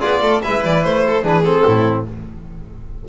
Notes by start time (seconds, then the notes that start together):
0.00 B3 F4 G#4 D5
0.22 A3 A4
0.42 G#3 E4 B4 E5
0.64 E3 D5
0.84 A3 C5
1.07 A4
1.23 E3 D4 G#4 B4
1.44 C4 A4
1.66 A2 E4